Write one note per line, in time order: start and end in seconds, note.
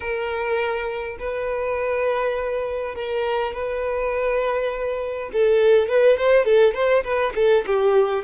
0.00 1.17 A#4
1.19 2.95 B4
2.95 3.53 A#4
3.53 5.30 B4
5.32 5.88 A4
5.88 6.17 B4
6.17 6.44 C5
6.44 6.74 A4
6.74 7.03 C5
7.03 7.33 B4
7.35 7.64 A4
7.66 8.24 G4